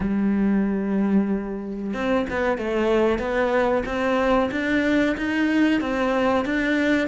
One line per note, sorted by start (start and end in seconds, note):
0.00 1.93 G3
1.93 2.26 C4
2.29 2.58 B3
2.58 3.18 A3
3.18 3.83 B3
3.85 4.50 C4
4.51 5.16 D4
5.17 5.80 D#4
5.80 6.45 C4
6.45 7.07 D4